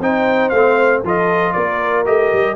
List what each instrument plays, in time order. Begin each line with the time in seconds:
0.00 tuba C4, trombone D#4, horn C5, trumpet G5
0.49 tuba A3, trombone C4, trumpet F5
1.04 tuba F3, trombone F4, horn A4, trumpet D#5
1.53 tuba A#3, horn A#4, trumpet D5
2.05 tuba A3, trombone G4, trumpet D#5
2.33 tuba G3